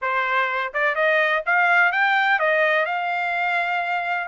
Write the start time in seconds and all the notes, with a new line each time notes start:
0.01 C5
0.73 D5
0.95 D#5
1.45 F5
1.92 G5
2.39 D#5
2.85 F5